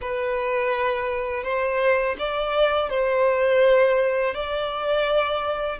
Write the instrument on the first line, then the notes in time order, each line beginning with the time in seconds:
violin
0.01 B4
1.43 C5
2.19 D5
2.89 C5
4.34 D5